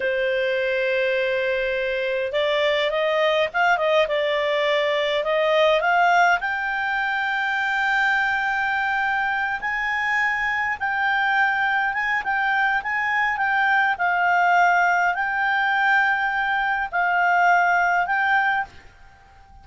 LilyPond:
\new Staff \with { instrumentName = "clarinet" } { \time 4/4 \tempo 4 = 103 c''1 | d''4 dis''4 f''8 dis''8 d''4~ | d''4 dis''4 f''4 g''4~ | g''1~ |
g''8 gis''2 g''4.~ | g''8 gis''8 g''4 gis''4 g''4 | f''2 g''2~ | g''4 f''2 g''4 | }